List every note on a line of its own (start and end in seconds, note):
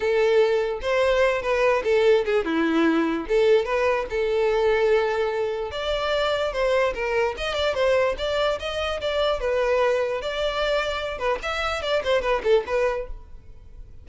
0.00 0.79 A4
0.81 1.42 C5
1.42 1.82 B4
1.84 2.24 A4
2.25 2.44 G#4
2.44 3.26 E4
3.28 3.65 A4
3.65 4.06 B4
4.10 5.71 A4
5.71 6.52 D5
6.52 6.93 C5
6.94 7.35 A#4
7.37 7.54 D#5
7.54 7.74 D5
7.74 8.15 C5
8.18 8.58 D5
8.59 9.00 D#5
9.00 9.40 D5
9.40 10.21 B4
10.21 11.18 D5
11.18 11.38 B4
11.42 11.82 E5
11.82 12.02 D5
12.04 12.21 C5
12.21 12.42 B4
12.43 12.64 A4
12.66 13.07 B4